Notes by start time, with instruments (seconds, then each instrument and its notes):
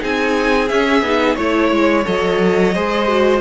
0.00 cello C4, viola D#4, violin G#4 G#5
0.68 cello C#4, viola C#4, violin E5
1.02 cello B3, viola D#4
1.36 cello A3, viola E4, violin C#5
1.72 cello G#3
2.05 cello F#3, viola A4, violin D#5
2.75 cello G#3, viola G#4, violin C5
3.08 viola F#4